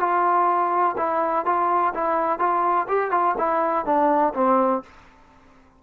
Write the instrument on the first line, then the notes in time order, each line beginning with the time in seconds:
trombone
0.00 F4
0.97 E4
1.45 F4
1.94 E4
2.39 F4
2.88 G4
3.11 F4
3.38 E4
3.85 D4
4.34 C4